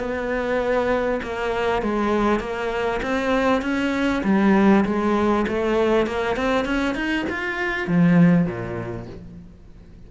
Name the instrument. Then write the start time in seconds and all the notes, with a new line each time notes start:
cello
0.00 B3
1.23 A#3
1.82 G#3
2.40 A#3
3.02 C4
3.62 C#4
4.24 G3
4.85 G#3
5.48 A3
6.07 A#3
6.36 C4
6.65 C#4
6.95 D#4
7.29 F4
7.88 F3
8.46 A#2